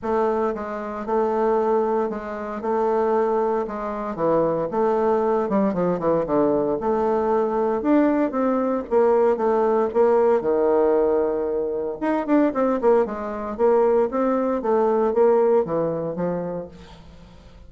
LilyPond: \new Staff \with { instrumentName = "bassoon" } { \time 4/4 \tempo 4 = 115 a4 gis4 a2 | gis4 a2 gis4 | e4 a4. g8 f8 e8 | d4 a2 d'4 |
c'4 ais4 a4 ais4 | dis2. dis'8 d'8 | c'8 ais8 gis4 ais4 c'4 | a4 ais4 e4 f4 | }